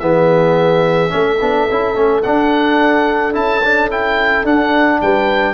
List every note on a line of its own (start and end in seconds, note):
0.00 1.12 E3
0.00 1.10 B3
0.00 1.14 G#4
0.00 2.22 E5
1.10 1.41 A3
1.10 1.37 C#4
1.10 5.03 A4
1.41 1.69 B3
1.41 1.69 D4
1.71 1.96 C#4
1.71 1.95 E4
1.95 2.24 A3
1.95 2.23 C#4
2.23 3.33 D4
2.23 3.36 D4
2.23 3.34 F#5
3.33 4.45 C#4
3.33 3.61 E4
3.33 3.90 A5
3.64 3.91 D4
3.91 4.45 E4
3.91 4.46 G5
4.45 5.00 D4
4.45 5.55 D4
4.45 5.01 F#5
5.01 5.55 G3
5.01 5.55 B4
5.01 5.55 G5